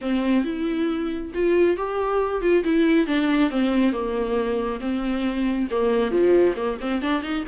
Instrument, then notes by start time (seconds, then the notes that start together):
viola
0.01 C4
0.44 E4
1.34 F4
1.76 G4
2.41 F4
2.64 E4
3.07 D4
3.50 C4
3.92 A#3
4.80 C4
5.70 A#3
6.11 F3
6.56 A#3
6.80 C4
7.01 D4
7.22 D#4